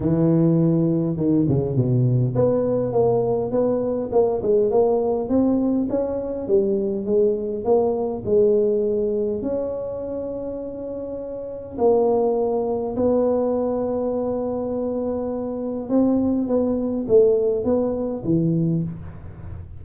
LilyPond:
\new Staff \with { instrumentName = "tuba" } { \time 4/4 \tempo 4 = 102 e2 dis8 cis8 b,4 | b4 ais4 b4 ais8 gis8 | ais4 c'4 cis'4 g4 | gis4 ais4 gis2 |
cis'1 | ais2 b2~ | b2. c'4 | b4 a4 b4 e4 | }